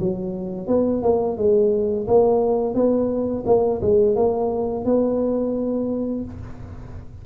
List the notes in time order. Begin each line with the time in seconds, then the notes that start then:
0.00 F#3
0.68 B3
1.03 A#3
1.37 G#3
2.08 A#3
2.75 B3
3.47 A#3
3.82 G#3
4.16 A#3
4.85 B3